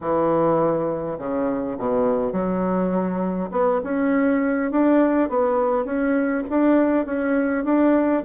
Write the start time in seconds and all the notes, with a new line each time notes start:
0.00 E3
1.18 C#3
1.78 B2
2.32 F#3
3.51 B3
3.83 C#4
4.71 D4
5.29 B3
5.84 C#4
6.49 D4
7.05 C#4
7.64 D4